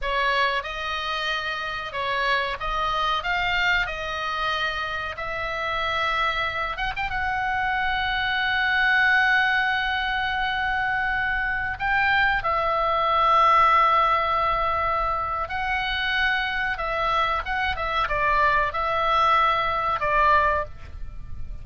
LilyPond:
\new Staff \with { instrumentName = "oboe" } { \time 4/4 \tempo 4 = 93 cis''4 dis''2 cis''4 | dis''4 f''4 dis''2 | e''2~ e''8 fis''16 g''16 fis''4~ | fis''1~ |
fis''2~ fis''16 g''4 e''8.~ | e''1 | fis''2 e''4 fis''8 e''8 | d''4 e''2 d''4 | }